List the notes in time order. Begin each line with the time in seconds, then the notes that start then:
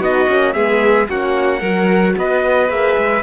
0.00 B3 D#4 F#4 D#5
0.28 A#3 C#4
0.53 G#3 B3 G#4 E5
1.09 A#3 C#4 F#4 F#5
1.60 F#3 F#4 A#4
2.17 B3 B4 D#5
2.69 A#3 G#4 E5
2.97 G#3